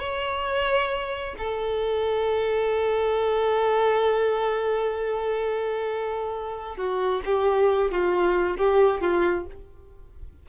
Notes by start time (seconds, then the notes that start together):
0.00 C#5
1.38 A4
6.77 F#4
7.25 G4
7.92 F4
8.58 G4
9.01 F4